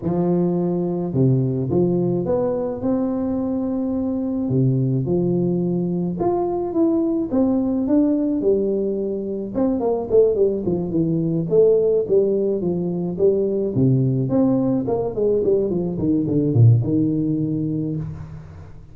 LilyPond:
\new Staff \with { instrumentName = "tuba" } { \time 4/4 \tempo 4 = 107 f2 c4 f4 | b4 c'2. | c4 f2 f'4 | e'4 c'4 d'4 g4~ |
g4 c'8 ais8 a8 g8 f8 e8~ | e8 a4 g4 f4 g8~ | g8 c4 c'4 ais8 gis8 g8 | f8 dis8 d8 ais,8 dis2 | }